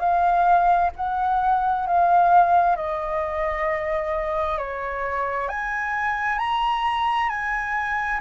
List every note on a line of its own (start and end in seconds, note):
0.00 0.91 F5
0.97 1.87 F#5
1.87 2.76 F5
2.76 4.58 D#5
4.58 5.49 C#5
5.49 6.39 G#5
6.39 7.29 A#5
7.29 8.20 G#5